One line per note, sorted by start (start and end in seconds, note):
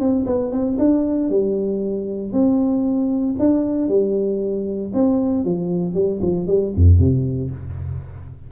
0.00 0.26 C4
0.26 0.52 B3
0.52 0.78 C4
0.79 1.30 D4
1.30 2.33 G3
2.33 3.36 C4
3.39 3.89 D4
3.89 4.92 G3
4.94 5.45 C4
5.45 5.95 F3
5.95 6.20 G3
6.22 6.47 F3
6.47 6.73 G3
6.76 6.99 F2
6.99 7.51 C3